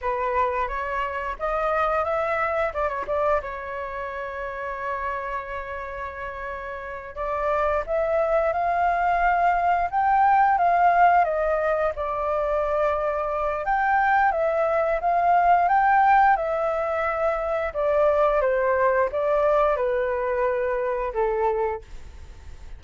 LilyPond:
\new Staff \with { instrumentName = "flute" } { \time 4/4 \tempo 4 = 88 b'4 cis''4 dis''4 e''4 | d''16 cis''16 d''8 cis''2.~ | cis''2~ cis''8 d''4 e''8~ | e''8 f''2 g''4 f''8~ |
f''8 dis''4 d''2~ d''8 | g''4 e''4 f''4 g''4 | e''2 d''4 c''4 | d''4 b'2 a'4 | }